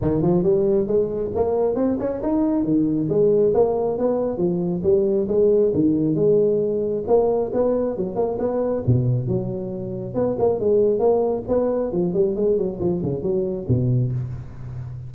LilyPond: \new Staff \with { instrumentName = "tuba" } { \time 4/4 \tempo 4 = 136 dis8 f8 g4 gis4 ais4 | c'8 cis'8 dis'4 dis4 gis4 | ais4 b4 f4 g4 | gis4 dis4 gis2 |
ais4 b4 fis8 ais8 b4 | b,4 fis2 b8 ais8 | gis4 ais4 b4 f8 g8 | gis8 fis8 f8 cis8 fis4 b,4 | }